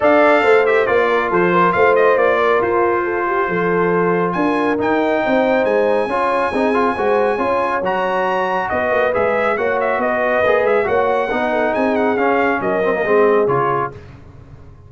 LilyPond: <<
  \new Staff \with { instrumentName = "trumpet" } { \time 4/4 \tempo 4 = 138 f''4. e''8 d''4 c''4 | f''8 dis''8 d''4 c''2~ | c''2 gis''4 g''4~ | g''4 gis''2.~ |
gis''2 ais''2 | dis''4 e''4 fis''8 e''8 dis''4~ | dis''8 e''8 fis''2 gis''8 fis''8 | f''4 dis''2 cis''4 | }
  \new Staff \with { instrumentName = "horn" } { \time 4/4 d''4 c''4. ais'8 a'8 ais'8 | c''4. ais'4. a'8 g'8 | a'2 ais'2 | c''2 cis''4 gis'4 |
c''4 cis''2. | b'2 cis''4 b'4~ | b'4 cis''4 b'8 a'8 gis'4~ | gis'4 ais'4 gis'2 | }
  \new Staff \with { instrumentName = "trombone" } { \time 4/4 a'4. g'8 f'2~ | f'1~ | f'2. dis'4~ | dis'2 f'4 dis'8 f'8 |
fis'4 f'4 fis'2~ | fis'4 gis'4 fis'2 | gis'4 fis'4 dis'2 | cis'4. c'16 ais16 c'4 f'4 | }
  \new Staff \with { instrumentName = "tuba" } { \time 4/4 d'4 a4 ais4 f4 | a4 ais4 f'2 | f2 d'4 dis'4 | c'4 gis4 cis'4 c'4 |
gis4 cis'4 fis2 | b8 ais8 gis4 ais4 b4 | ais8 gis8 ais4 b4 c'4 | cis'4 fis4 gis4 cis4 | }
>>